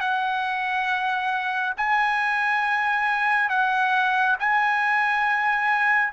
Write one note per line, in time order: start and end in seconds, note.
0.00 1.74 F#5
1.77 3.49 G#5
3.49 4.36 F#5
4.40 6.13 G#5